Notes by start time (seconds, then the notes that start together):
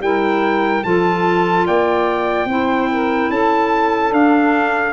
0.00 G3 E4 A#4 G5
0.83 F3 F4 A4 A5
1.66 A#3 D5 G5
2.46 C4 E4 C5
2.92 A#4
3.30 C#4 A4 A5
4.12 D4 F5